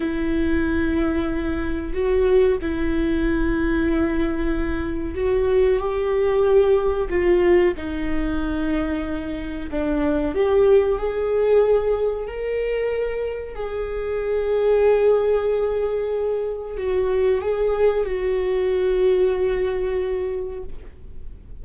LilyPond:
\new Staff \with { instrumentName = "viola" } { \time 4/4 \tempo 4 = 93 e'2. fis'4 | e'1 | fis'4 g'2 f'4 | dis'2. d'4 |
g'4 gis'2 ais'4~ | ais'4 gis'2.~ | gis'2 fis'4 gis'4 | fis'1 | }